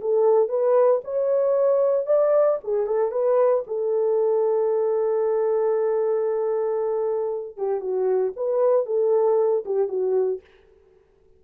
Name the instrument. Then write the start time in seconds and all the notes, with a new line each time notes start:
horn
0.00 A4
0.48 B4
1.04 C#5
2.06 D5
2.63 G#4
2.86 A4
3.11 B4
3.67 A4
7.57 G4
7.80 F#4
8.36 B4
8.86 A4
9.65 G4
9.88 F#4